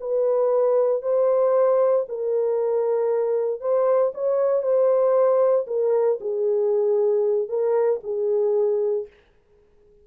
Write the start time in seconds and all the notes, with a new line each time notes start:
0.00 B4
1.02 C5
2.08 A#4
3.60 C5
4.14 C#5
4.62 C5
5.67 A#4
6.20 G#4
7.48 A#4
8.03 G#4